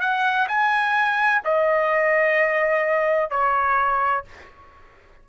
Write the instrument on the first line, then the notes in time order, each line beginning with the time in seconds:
trumpet
0.00 F#5
0.48 G#5
1.44 D#5
3.30 C#5